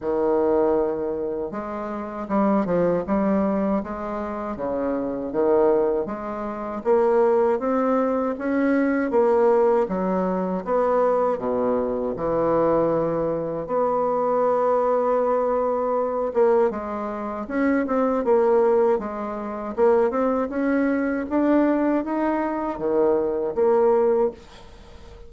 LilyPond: \new Staff \with { instrumentName = "bassoon" } { \time 4/4 \tempo 4 = 79 dis2 gis4 g8 f8 | g4 gis4 cis4 dis4 | gis4 ais4 c'4 cis'4 | ais4 fis4 b4 b,4 |
e2 b2~ | b4. ais8 gis4 cis'8 c'8 | ais4 gis4 ais8 c'8 cis'4 | d'4 dis'4 dis4 ais4 | }